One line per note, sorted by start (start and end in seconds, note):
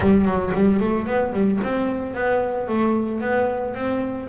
0.00 0.25 G3
0.25 0.52 F#3
0.54 0.80 G3
0.80 1.06 A3
1.06 1.32 B3
1.32 1.59 G3
1.63 2.14 C4
2.14 2.68 B3
2.68 3.20 A3
3.20 3.74 B3
3.74 4.28 C4